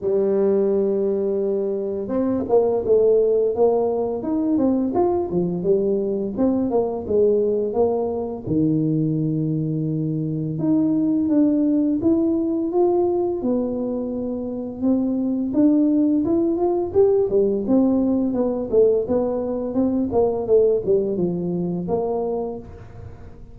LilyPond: \new Staff \with { instrumentName = "tuba" } { \time 4/4 \tempo 4 = 85 g2. c'8 ais8 | a4 ais4 dis'8 c'8 f'8 f8 | g4 c'8 ais8 gis4 ais4 | dis2. dis'4 |
d'4 e'4 f'4 b4~ | b4 c'4 d'4 e'8 f'8 | g'8 g8 c'4 b8 a8 b4 | c'8 ais8 a8 g8 f4 ais4 | }